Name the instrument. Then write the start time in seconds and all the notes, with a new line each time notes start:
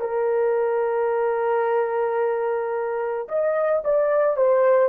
horn
0.00 A#4
3.28 D#5
3.84 D5
4.36 C5